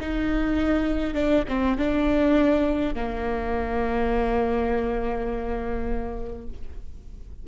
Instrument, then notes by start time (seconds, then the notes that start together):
viola
0.00 D#4
1.14 D4
1.48 C4
1.78 D4
2.95 A#3